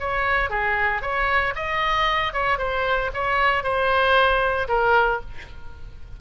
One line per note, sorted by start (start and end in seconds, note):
0.00 0.50 C#5
0.50 1.02 G#4
1.02 1.54 C#5
1.56 2.33 D#5
2.33 2.58 C#5
2.58 3.11 C5
3.14 3.64 C#5
3.64 4.68 C5
4.68 5.21 A#4